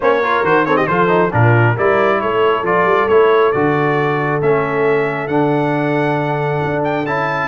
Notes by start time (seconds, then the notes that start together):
0.00 A#3 C#4 C5 C#5
0.23 F4 A#4
0.43 D#3 F#4 C5
0.65 C4 A4 C#5
0.76 G4 D#5
0.86 F3 F4 A4 C5
1.08 D#4
1.31 A#2 D4 F4 A#4
1.73 G3 E4 A#4 D5
2.20 A3 A4 C#5
2.62 F3 F4 D5
2.84 G3
3.08 A3 E4 C#5
3.52 D3 F#4 D5
4.41 A3 C#4 E5
5.27 D3 D4 F#5
6.63 D4
6.84 G5
7.05 C#4 E4 A5